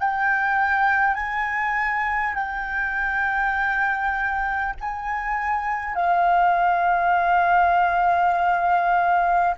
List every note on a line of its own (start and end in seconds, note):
0.00 1.15 G5
1.15 2.35 G#5
2.35 4.75 G5
4.81 5.96 G#5
5.96 9.56 F5